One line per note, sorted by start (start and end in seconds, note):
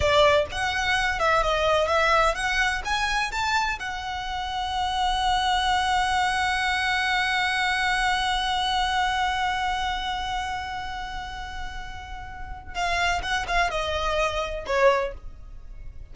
0.00 0.45 D5
0.51 1.19 F#5
1.19 1.42 E5
1.42 1.87 D#5
1.87 2.34 E5
2.34 2.82 F#5
2.84 3.31 G#5
3.31 3.79 A5
3.79 12.74 F#5
12.74 13.21 F5
13.22 13.45 F#5
13.47 13.70 F5
13.70 14.65 D#5
14.66 15.13 C#5